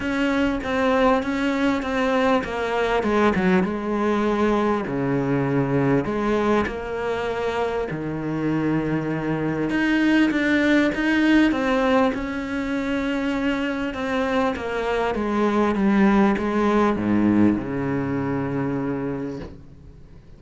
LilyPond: \new Staff \with { instrumentName = "cello" } { \time 4/4 \tempo 4 = 99 cis'4 c'4 cis'4 c'4 | ais4 gis8 fis8 gis2 | cis2 gis4 ais4~ | ais4 dis2. |
dis'4 d'4 dis'4 c'4 | cis'2. c'4 | ais4 gis4 g4 gis4 | gis,4 cis2. | }